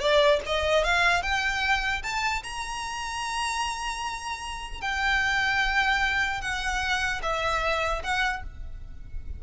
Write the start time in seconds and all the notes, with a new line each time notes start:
0.00 D5
0.46 D#5
0.84 F5
1.22 G5
2.03 A5
2.43 A#5
4.81 G5
6.41 F#5
7.22 E5
8.03 F#5